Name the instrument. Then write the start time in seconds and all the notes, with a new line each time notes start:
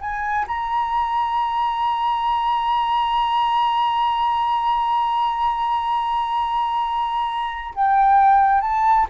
flute
0.00 G#5
0.47 A#5
7.74 G5
8.61 A5